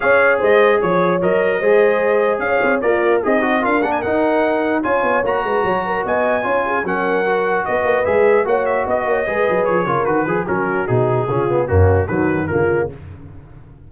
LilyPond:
<<
  \new Staff \with { instrumentName = "trumpet" } { \time 4/4 \tempo 4 = 149 f''4 dis''4 cis''4 dis''4~ | dis''2 f''4 d''4 | dis''4 f''8 fis''16 gis''16 fis''2 | gis''4 ais''2 gis''4~ |
gis''4 fis''2 dis''4 | e''4 fis''8 e''8 dis''2 | cis''4 b'4 ais'4 gis'4~ | gis'4 fis'4 b'4 ais'4 | }
  \new Staff \with { instrumentName = "horn" } { \time 4/4 cis''4 c''4 cis''2 | c''2 cis''4 f'4 | dis'4 ais'2. | cis''4. b'8 cis''8 ais'8 dis''4 |
cis''8 gis'8 ais'2 b'4~ | b'4 cis''4 dis''8 cis''8 b'4~ | b'8 ais'4 gis'8 fis'2 | f'4 cis'4 fis'4 f'4 | }
  \new Staff \with { instrumentName = "trombone" } { \time 4/4 gis'2. ais'4 | gis'2. ais'4 | gis'8 fis'8 f'8 d'8 dis'2 | f'4 fis'2. |
f'4 cis'4 fis'2 | gis'4 fis'2 gis'4~ | gis'8 f'8 fis'8 gis'8 cis'4 dis'4 | cis'8 b8 ais4 fis4 ais4 | }
  \new Staff \with { instrumentName = "tuba" } { \time 4/4 cis'4 gis4 f4 fis4 | gis2 cis'8 c'8 ais4 | c'4 d'8 ais8 dis'2 | cis'8 b8 ais8 gis8 fis4 b4 |
cis'4 fis2 b8 ais8 | gis4 ais4 b8 ais8 gis8 fis8 | f8 cis8 dis8 f8 fis4 b,4 | cis4 fis,4 dis4 cis4 | }
>>